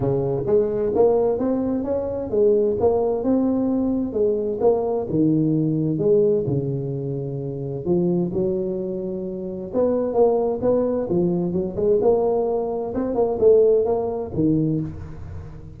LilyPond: \new Staff \with { instrumentName = "tuba" } { \time 4/4 \tempo 4 = 130 cis4 gis4 ais4 c'4 | cis'4 gis4 ais4 c'4~ | c'4 gis4 ais4 dis4~ | dis4 gis4 cis2~ |
cis4 f4 fis2~ | fis4 b4 ais4 b4 | f4 fis8 gis8 ais2 | c'8 ais8 a4 ais4 dis4 | }